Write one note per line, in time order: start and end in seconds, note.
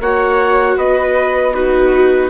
0.00 0.77 A#3
0.00 1.54 F#4
0.00 0.76 C#5
0.00 0.79 F#5
0.76 2.30 B3
0.76 1.53 B4
0.76 1.54 D#5
1.54 2.30 D#4
1.54 2.30 F#4
1.54 2.30 B4